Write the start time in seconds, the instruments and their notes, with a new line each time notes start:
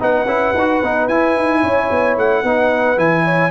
0.00 tuba B3, trombone D#4, horn B4, trumpet F#5
0.26 tuba C#4, trombone E4
0.54 tuba D#4, trombone F#4
0.83 tuba B3, trombone D#4
1.09 tuba E4, trombone E4, trumpet G#5
1.36 tuba D#4
1.61 tuba C#4, horn C#5
1.91 tuba B3
2.18 tuba A3, trumpet F#5
2.43 tuba B3, trombone D#4, horn B4
2.97 tuba E3, trombone E4, trumpet G#5
3.25 horn C#5